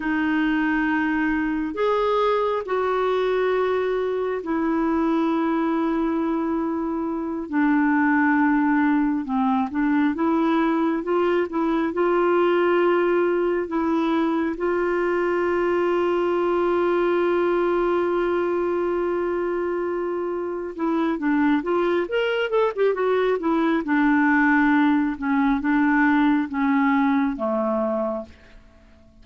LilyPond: \new Staff \with { instrumentName = "clarinet" } { \time 4/4 \tempo 4 = 68 dis'2 gis'4 fis'4~ | fis'4 e'2.~ | e'8 d'2 c'8 d'8 e'8~ | e'8 f'8 e'8 f'2 e'8~ |
e'8 f'2.~ f'8~ | f'2.~ f'8 e'8 | d'8 f'8 ais'8 a'16 g'16 fis'8 e'8 d'4~ | d'8 cis'8 d'4 cis'4 a4 | }